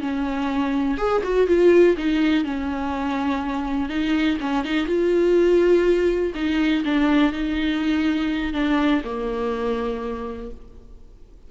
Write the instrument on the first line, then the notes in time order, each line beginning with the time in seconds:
viola
0.00 C#4
0.97 G#4
1.23 F#4
1.47 F4
1.97 D#4
2.44 C#4
3.89 D#4
4.40 C#4
4.64 D#4
4.86 F4
6.35 D#4
6.84 D4
7.32 D#4
8.53 D4
9.04 A#3